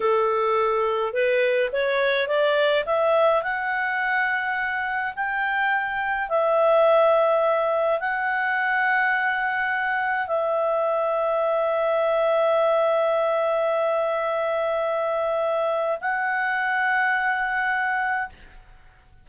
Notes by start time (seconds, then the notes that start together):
0.00 A4
1.13 B4
1.72 C#5
2.27 D5
2.85 E5
3.42 F#5
5.15 G5
6.29 E5
7.99 F#5
10.27 E5
16.00 F#5